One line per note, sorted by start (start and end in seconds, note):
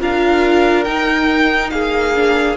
0.00 0.87 D4
0.00 0.86 F4
0.00 1.72 A#4
0.00 0.84 F5
0.84 1.72 D#4
0.84 2.15 D#4
0.84 1.70 G5
1.70 2.57 A#3
1.70 2.57 G#4
1.70 2.56 F5
2.15 2.57 D4